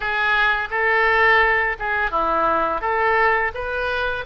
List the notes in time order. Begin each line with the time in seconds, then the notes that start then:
0.00 G#4
0.70 A4
1.79 G#4
2.10 E4
2.81 A4
3.54 B4